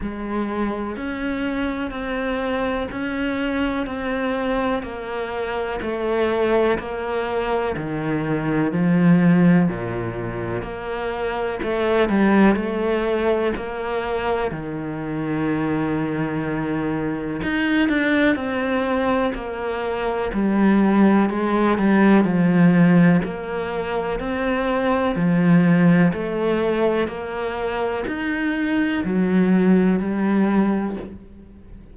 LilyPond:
\new Staff \with { instrumentName = "cello" } { \time 4/4 \tempo 4 = 62 gis4 cis'4 c'4 cis'4 | c'4 ais4 a4 ais4 | dis4 f4 ais,4 ais4 | a8 g8 a4 ais4 dis4~ |
dis2 dis'8 d'8 c'4 | ais4 g4 gis8 g8 f4 | ais4 c'4 f4 a4 | ais4 dis'4 fis4 g4 | }